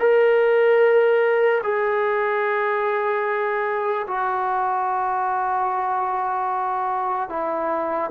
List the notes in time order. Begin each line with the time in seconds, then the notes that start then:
0.00 A#4
1.63 G#4
4.08 F#4
7.30 E4